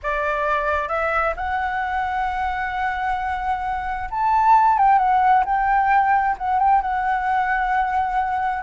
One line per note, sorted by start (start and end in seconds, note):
0.02 0.88 D5
0.88 1.33 E5
1.36 4.09 F#5
4.10 4.77 A5
4.77 4.98 G5
4.98 5.44 F#5
5.45 6.36 G5
6.38 6.59 F#5
6.59 6.81 G5
6.81 8.63 F#5